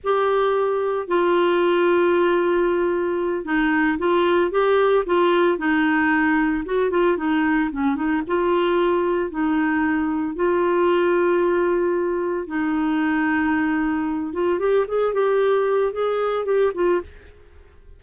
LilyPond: \new Staff \with { instrumentName = "clarinet" } { \time 4/4 \tempo 4 = 113 g'2 f'2~ | f'2~ f'8 dis'4 f'8~ | f'8 g'4 f'4 dis'4.~ | dis'8 fis'8 f'8 dis'4 cis'8 dis'8 f'8~ |
f'4. dis'2 f'8~ | f'2.~ f'8 dis'8~ | dis'2. f'8 g'8 | gis'8 g'4. gis'4 g'8 f'8 | }